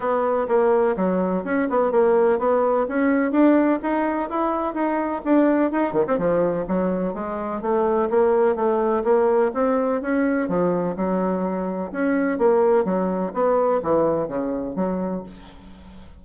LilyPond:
\new Staff \with { instrumentName = "bassoon" } { \time 4/4 \tempo 4 = 126 b4 ais4 fis4 cis'8 b8 | ais4 b4 cis'4 d'4 | dis'4 e'4 dis'4 d'4 | dis'8 dis16 c'16 f4 fis4 gis4 |
a4 ais4 a4 ais4 | c'4 cis'4 f4 fis4~ | fis4 cis'4 ais4 fis4 | b4 e4 cis4 fis4 | }